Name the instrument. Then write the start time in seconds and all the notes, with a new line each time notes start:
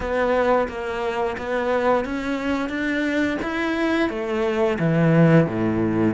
cello
0.00 B3
0.68 A#3
1.37 B3
2.05 C#4
2.69 D4
3.42 E4
4.09 A3
4.79 E3
5.46 A2